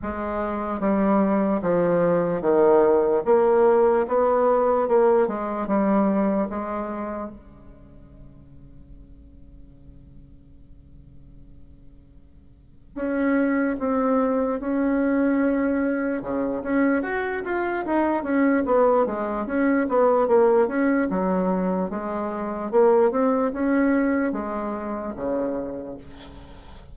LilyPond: \new Staff \with { instrumentName = "bassoon" } { \time 4/4 \tempo 4 = 74 gis4 g4 f4 dis4 | ais4 b4 ais8 gis8 g4 | gis4 cis2.~ | cis1 |
cis'4 c'4 cis'2 | cis8 cis'8 fis'8 f'8 dis'8 cis'8 b8 gis8 | cis'8 b8 ais8 cis'8 fis4 gis4 | ais8 c'8 cis'4 gis4 cis4 | }